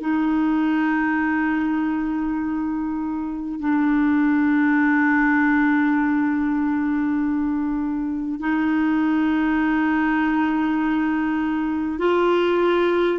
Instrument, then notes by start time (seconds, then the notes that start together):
clarinet
0.00 D#4
3.59 D4
8.39 D#4
11.98 F4